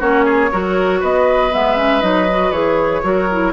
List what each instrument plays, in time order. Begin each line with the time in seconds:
0.00 bassoon A#3, clarinet C#4, oboe F#4, flute C#5
0.25 oboe G#4
0.52 bassoon F#3, clarinet F#4, oboe A#4
1.01 bassoon B3, oboe B4, flute D#5
1.52 bassoon G#3, clarinet B3, flute E5
1.77 clarinet C#4
2.01 bassoon F#3, clarinet D#4, flute D#5
2.30 clarinet F#4
2.51 bassoon E3, clarinet G#4, flute C#5
3.03 bassoon F#3, clarinet F#4, oboe A#4
3.31 clarinet E4